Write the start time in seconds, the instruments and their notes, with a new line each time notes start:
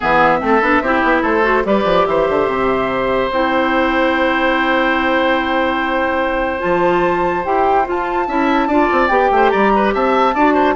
0.00 bassoon E3, clarinet B3, oboe G#4, flute E5
0.39 bassoon A3, clarinet C4, oboe A4
0.61 bassoon B3, clarinet D4
0.81 bassoon C4, clarinet E4, oboe G4
1.03 bassoon B3
1.22 bassoon A3, oboe A4, flute C5
1.42 clarinet F#4
1.65 bassoon G3, clarinet G4, oboe B4, flute D5
1.84 bassoon F3
2.05 bassoon E3, oboe C5, flute E5
2.29 bassoon D3
2.47 bassoon C3
3.30 bassoon C4, clarinet E4, flute G5
6.59 bassoon F3, clarinet F4, flute A5
7.44 bassoon E4, clarinet G4, flute G5
7.84 clarinet F4, bassoon F4, flute A5
8.27 bassoon C#4, clarinet E4, oboe E5
8.67 bassoon D4, clarinet F4, oboe D5
8.91 bassoon C4
9.08 bassoon B3, clarinet G4, flute G5
9.31 bassoon A3, oboe C5
9.49 bassoon G3, oboe D5, flute A#5
9.75 oboe B4
9.93 bassoon C4, oboe E5, flute A5
10.34 bassoon D4, clarinet F#4, oboe D5
10.53 oboe C5